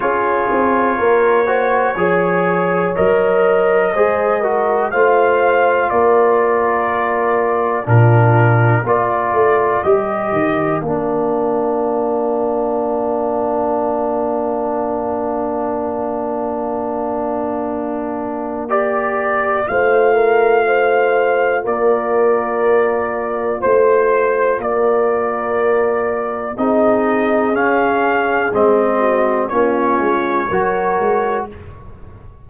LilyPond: <<
  \new Staff \with { instrumentName = "trumpet" } { \time 4/4 \tempo 4 = 61 cis''2. dis''4~ | dis''4 f''4 d''2 | ais'4 d''4 dis''4 f''4~ | f''1~ |
f''2. d''4 | f''2 d''2 | c''4 d''2 dis''4 | f''4 dis''4 cis''2 | }
  \new Staff \with { instrumentName = "horn" } { \time 4/4 gis'4 ais'8 c''8 cis''2 | c''8 ais'8 c''4 ais'2 | f'4 ais'2.~ | ais'1~ |
ais'1 | c''8 ais'8 c''4 ais'2 | c''4 ais'2 gis'4~ | gis'4. fis'8 f'4 ais'4 | }
  \new Staff \with { instrumentName = "trombone" } { \time 4/4 f'4. fis'8 gis'4 ais'4 | gis'8 fis'8 f'2. | d'4 f'4 g'4 d'4~ | d'1~ |
d'2. g'4 | f'1~ | f'2. dis'4 | cis'4 c'4 cis'4 fis'4 | }
  \new Staff \with { instrumentName = "tuba" } { \time 4/4 cis'8 c'8 ais4 f4 fis4 | gis4 a4 ais2 | ais,4 ais8 a8 g8 dis8 ais4~ | ais1~ |
ais1 | a2 ais2 | a4 ais2 c'4 | cis'4 gis4 ais8 gis8 fis8 gis8 | }
>>